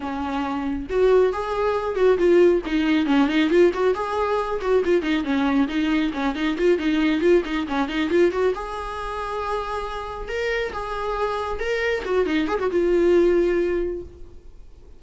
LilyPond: \new Staff \with { instrumentName = "viola" } { \time 4/4 \tempo 4 = 137 cis'2 fis'4 gis'4~ | gis'8 fis'8 f'4 dis'4 cis'8 dis'8 | f'8 fis'8 gis'4. fis'8 f'8 dis'8 | cis'4 dis'4 cis'8 dis'8 f'8 dis'8~ |
dis'8 f'8 dis'8 cis'8 dis'8 f'8 fis'8 gis'8~ | gis'2.~ gis'8 ais'8~ | ais'8 gis'2 ais'4 fis'8 | dis'8 gis'16 fis'16 f'2. | }